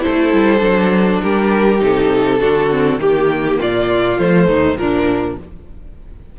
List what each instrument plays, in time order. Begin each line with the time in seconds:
0.00 viola E4, violin A4 C5
0.07 cello A3
0.33 cello G3
0.59 cello F#3, viola D4
1.22 cello G3, violin G4 A#4
1.80 cello C3, viola D#4, violin A4
2.40 cello D3, viola D4, violin F#4
2.71 viola C4
2.98 cello D#3, viola A#3, violin G4
3.59 cello A#2, violin F4 D5
4.18 cello F3, viola A3, violin C5
4.48 cello D#2, violin D#4
4.77 cello A#2, viola F3, violin D4 A#4